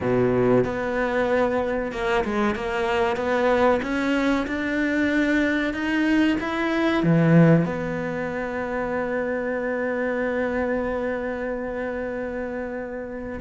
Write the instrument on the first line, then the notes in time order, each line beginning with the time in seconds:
cello
0.00 B2
0.64 B3
1.91 A#3
2.24 G#3
2.55 A#3
3.16 B3
3.82 C#4
4.47 D4
5.73 D#4
6.40 E4
7.03 E3
7.65 B3